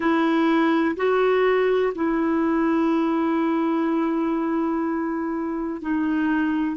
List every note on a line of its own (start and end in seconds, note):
0.00 0.95 E4
0.96 1.93 F#4
1.94 5.81 E4
5.81 6.76 D#4